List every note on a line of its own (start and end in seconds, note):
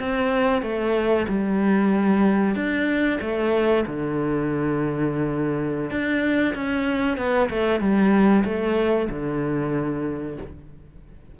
0.00 0.63 C4
0.63 1.26 A3
1.29 2.56 G3
2.56 3.20 D4
3.21 3.85 A3
3.87 5.91 D3
5.91 6.55 D4
6.55 7.18 C#4
7.18 7.50 B3
7.50 7.80 A3
7.80 8.44 G3
8.45 9.09 A3
9.10 10.38 D3